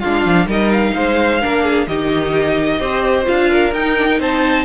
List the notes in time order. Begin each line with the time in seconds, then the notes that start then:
0.00 D4 F4 F5
0.06 G#3
0.26 F3
0.46 G3 D#4 A#4 D#5
0.72 F5
0.96 G#3 C5
1.42 A#3 D4 A#4
1.64 G#4
1.87 D#3 D#4 G4 D#5
2.80 C4 G4 C5
3.25 D4 F4 F5
3.50 A#4
3.73 D#4 G5
3.98 D4
4.09 D#4
4.20 C4 C5 A5